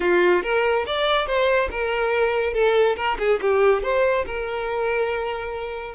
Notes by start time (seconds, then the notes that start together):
0.00 F4
0.43 A#4
0.86 D5
1.26 C5
1.71 A#4
2.53 A4
2.96 A#4
3.18 G#4
3.41 G4
3.82 C5
4.26 A#4